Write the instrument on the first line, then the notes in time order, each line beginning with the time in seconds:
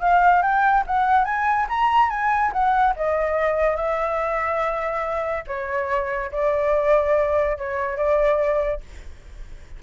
flute
0.00 F5
0.42 G5
0.86 F#5
1.25 G#5
1.69 A#5
2.09 G#5
2.52 F#5
2.96 D#5
3.76 E5
5.47 C#5
6.31 D5
7.57 C#5
7.97 D5